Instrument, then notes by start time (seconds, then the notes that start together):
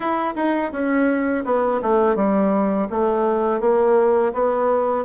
bassoon
0.00 E4
0.35 D#4
0.72 C#4
1.45 B3
1.82 A3
2.15 G3
2.89 A3
3.60 A#3
4.33 B3